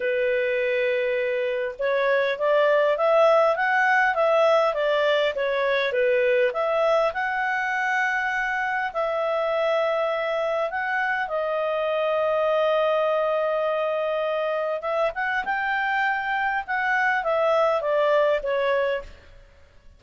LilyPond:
\new Staff \with { instrumentName = "clarinet" } { \time 4/4 \tempo 4 = 101 b'2. cis''4 | d''4 e''4 fis''4 e''4 | d''4 cis''4 b'4 e''4 | fis''2. e''4~ |
e''2 fis''4 dis''4~ | dis''1~ | dis''4 e''8 fis''8 g''2 | fis''4 e''4 d''4 cis''4 | }